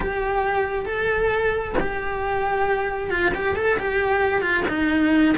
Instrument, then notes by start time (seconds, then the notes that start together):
cello
0.00 G4
0.85 A4
1.80 G4
3.10 F4
3.34 G4
3.56 A4
3.78 G4
4.41 F4
4.68 D#4